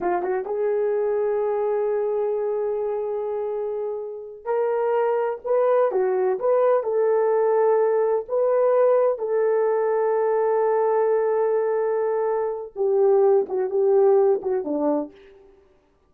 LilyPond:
\new Staff \with { instrumentName = "horn" } { \time 4/4 \tempo 4 = 127 f'8 fis'8 gis'2.~ | gis'1~ | gis'4. ais'2 b'8~ | b'8 fis'4 b'4 a'4.~ |
a'4. b'2 a'8~ | a'1~ | a'2. g'4~ | g'8 fis'8 g'4. fis'8 d'4 | }